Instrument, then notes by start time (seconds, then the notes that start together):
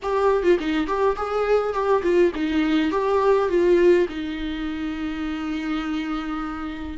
viola
0.02 G4
0.43 F4
0.59 D#4
0.87 G4
1.16 G#4
1.73 G4
2.02 F4
2.34 D#4
2.91 G4
3.48 F4
4.08 D#4